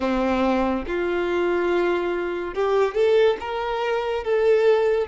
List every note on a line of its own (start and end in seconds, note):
0.00 0.85 C4
0.86 2.54 F4
2.54 2.94 G4
2.94 3.36 A4
3.40 4.23 A#4
4.23 5.07 A4